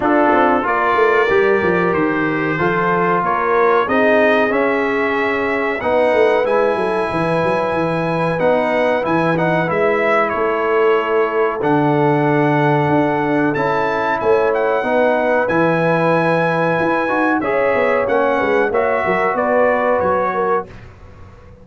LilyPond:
<<
  \new Staff \with { instrumentName = "trumpet" } { \time 4/4 \tempo 4 = 93 a'4 d''2 c''4~ | c''4 cis''4 dis''4 e''4~ | e''4 fis''4 gis''2~ | gis''4 fis''4 gis''8 fis''8 e''4 |
cis''2 fis''2~ | fis''4 a''4 gis''8 fis''4. | gis''2. e''4 | fis''4 e''4 d''4 cis''4 | }
  \new Staff \with { instrumentName = "horn" } { \time 4/4 f'4 ais'2. | a'4 ais'4 gis'2~ | gis'4 b'4. a'8 b'4~ | b'1 |
a'1~ | a'2 cis''4 b'4~ | b'2. cis''4~ | cis''8 b'8 cis''8 ais'8 b'4. ais'8 | }
  \new Staff \with { instrumentName = "trombone" } { \time 4/4 d'4 f'4 g'2 | f'2 dis'4 cis'4~ | cis'4 dis'4 e'2~ | e'4 dis'4 e'8 dis'8 e'4~ |
e'2 d'2~ | d'4 e'2 dis'4 | e'2~ e'8 fis'8 gis'4 | cis'4 fis'2. | }
  \new Staff \with { instrumentName = "tuba" } { \time 4/4 d'8 c'8 ais8 a8 g8 f8 dis4 | f4 ais4 c'4 cis'4~ | cis'4 b8 a8 gis8 fis8 e8 fis8 | e4 b4 e4 gis4 |
a2 d2 | d'4 cis'4 a4 b4 | e2 e'8 dis'8 cis'8 b8 | ais8 gis8 ais8 fis8 b4 fis4 | }
>>